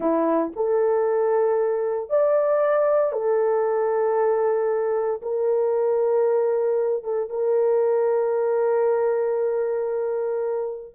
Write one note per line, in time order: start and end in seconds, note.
0.00 0.52 E4
0.55 2.09 A4
2.09 3.12 D5
3.12 5.21 A4
5.22 7.03 A#4
7.03 7.29 A4
7.29 10.94 A#4